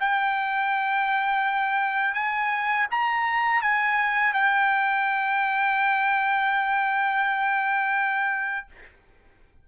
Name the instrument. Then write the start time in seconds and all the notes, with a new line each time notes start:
trumpet
0.00 G5
2.14 G#5
2.91 A#5
3.62 G#5
4.33 G5